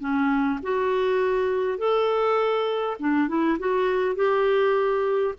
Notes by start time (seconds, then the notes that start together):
0.00 C#4
0.63 F#4
1.78 A4
2.99 D4
3.28 E4
3.59 F#4
4.15 G4